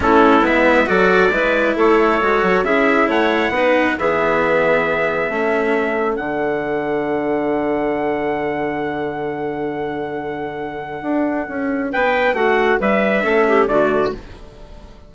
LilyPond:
<<
  \new Staff \with { instrumentName = "trumpet" } { \time 4/4 \tempo 4 = 136 a'4 e''4 d''2 | cis''2 e''4 fis''4~ | fis''4 e''2.~ | e''2 fis''2~ |
fis''1~ | fis''1~ | fis''2. g''4 | fis''4 e''2 d''4 | }
  \new Staff \with { instrumentName = "clarinet" } { \time 4/4 e'2 a'4 b'4 | a'2 gis'4 cis''4 | b'4 gis'2. | a'1~ |
a'1~ | a'1~ | a'2. b'4 | fis'4 b'4 a'8 g'8 fis'4 | }
  \new Staff \with { instrumentName = "cello" } { \time 4/4 cis'4 b4 fis'4 e'4~ | e'4 fis'4 e'2 | dis'4 b2. | cis'2 d'2~ |
d'1~ | d'1~ | d'1~ | d'2 cis'4 a4 | }
  \new Staff \with { instrumentName = "bassoon" } { \time 4/4 a4 gis4 fis4 gis4 | a4 gis8 fis8 cis'4 a4 | b4 e2. | a2 d2~ |
d1~ | d1~ | d4 d'4 cis'4 b4 | a4 g4 a4 d4 | }
>>